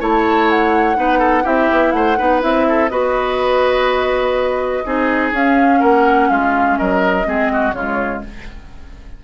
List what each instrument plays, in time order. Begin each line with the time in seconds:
0.00 bassoon A3, clarinet E4, oboe C#5, flute A5
0.50 flute F#5
0.95 bassoon B3, clarinet D#4, oboe B4
1.19 oboe A4
1.44 bassoon C4, clarinet E4, oboe G4, flute E5
1.71 bassoon B3
1.92 bassoon A3, oboe C5, flute F#5
2.18 bassoon B3, clarinet D#4, oboe B4
2.41 bassoon C4, clarinet E4, flute E5
2.69 oboe A4
2.89 bassoon B3, clarinet F#4, oboe B4, flute D#5
4.85 bassoon C4, clarinet D#4, oboe G#4
5.32 bassoon C#4, clarinet C#4, flute F5
5.80 bassoon A#3, oboe A#4, flute F#5
6.30 bassoon G#3, oboe F4, flute F5
6.78 bassoon F#3, oboe A#4, flute D#5
7.25 bassoon G#3, clarinet C4, oboe G#4
7.53 oboe F#4
7.72 bassoon C#3, clarinet G#3, oboe F4, flute C#5